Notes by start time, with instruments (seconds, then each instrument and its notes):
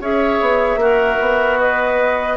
0.00 bassoon C#4, clarinet G#4, oboe C#5, flute E5
0.41 bassoon B3
0.76 bassoon A#3, oboe F#4, clarinet A#4
1.20 bassoon B3
1.60 clarinet B4, flute D#5